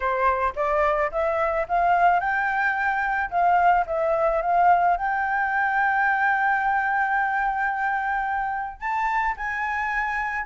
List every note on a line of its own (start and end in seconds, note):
0.00 0.53 C5
0.55 1.10 D5
1.11 1.66 E5
1.68 2.20 F5
2.20 3.30 G5
3.30 3.85 F5
3.86 4.41 E5
4.41 4.96 F5
4.96 8.80 G5
8.80 9.35 A5
9.37 10.45 G#5